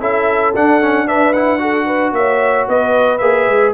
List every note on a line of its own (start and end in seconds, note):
0.00 0.54 C#4
0.00 0.54 E4
0.00 1.07 A4
0.00 0.54 E5
0.55 2.12 D4
0.55 0.81 D4
0.55 1.08 F#5
0.81 1.07 C#4
1.07 1.34 D4
1.07 1.61 B4
1.07 1.33 E5
1.33 1.58 E4
1.33 2.13 F#5
1.58 3.19 F#4
1.58 1.86 A4
1.86 2.13 B4
2.12 2.66 A#3
2.12 2.68 C#5
2.12 2.68 E5
2.68 3.20 B3
2.68 3.74 B4
2.68 3.18 D#5
3.18 3.47 A#3
3.18 3.74 G#4
3.18 3.72 E5
3.47 3.74 G#3